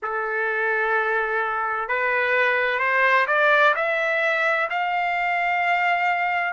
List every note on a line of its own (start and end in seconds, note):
0.02 1.88 A4
1.88 2.79 B4
2.79 3.26 C5
3.27 3.74 D5
3.75 4.69 E5
4.70 6.53 F5